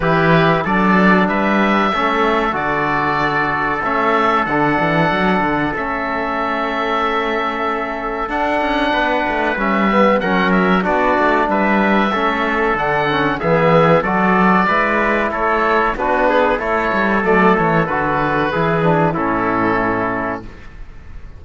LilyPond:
<<
  \new Staff \with { instrumentName = "oboe" } { \time 4/4 \tempo 4 = 94 b'4 d''4 e''2 | d''2 e''4 fis''4~ | fis''4 e''2.~ | e''4 fis''2 e''4 |
fis''8 e''8 d''4 e''2 | fis''4 e''4 d''2 | cis''4 b'4 cis''4 d''8 cis''8 | b'2 a'2 | }
  \new Staff \with { instrumentName = "trumpet" } { \time 4/4 g'4 a'4 b'4 a'4~ | a'1~ | a'1~ | a'2 b'2 |
ais'4 fis'4 b'4 a'4~ | a'4 gis'4 a'4 b'4 | a'4 fis'8 gis'8 a'2~ | a'4 gis'4 e'2 | }
  \new Staff \with { instrumentName = "trombone" } { \time 4/4 e'4 d'2 cis'4 | fis'2 cis'4 d'4~ | d'4 cis'2.~ | cis'4 d'2 cis'8 b8 |
cis'4 d'2 cis'4 | d'8 cis'8 b4 fis'4 e'4~ | e'4 d'4 e'4 a4 | fis'4 e'8 d'8 cis'2 | }
  \new Staff \with { instrumentName = "cello" } { \time 4/4 e4 fis4 g4 a4 | d2 a4 d8 e8 | fis8 d8 a2.~ | a4 d'8 cis'8 b8 a8 g4 |
fis4 b8 a8 g4 a4 | d4 e4 fis4 gis4 | a4 b4 a8 g8 fis8 e8 | d4 e4 a,2 | }
>>